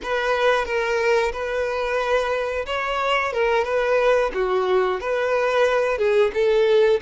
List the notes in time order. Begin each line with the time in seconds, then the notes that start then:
0.02 B4
0.65 A#4
1.32 B4
2.65 C#5
3.32 A#4
3.64 B4
4.34 F#4
5.00 B4
5.98 G#4
6.33 A4